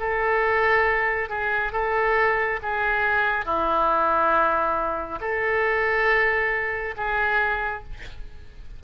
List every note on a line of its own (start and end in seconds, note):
0.00 1.30 A4
1.30 1.73 G#4
1.73 2.60 A4
2.63 3.46 G#4
3.46 5.20 E4
5.21 6.95 A4
6.97 7.84 G#4